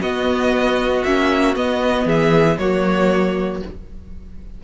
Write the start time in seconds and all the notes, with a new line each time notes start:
0.00 B3 F#4 D#5
1.04 A#3 C#4 E5
1.55 B3 D#5
2.06 E3 G#4 E5
2.59 F#3 A#3 F#4 C#5